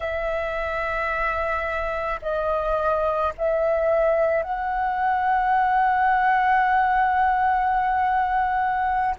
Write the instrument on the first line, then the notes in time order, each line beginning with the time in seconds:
flute
0.00 E5
2.22 D#5
3.37 E5
4.42 F#5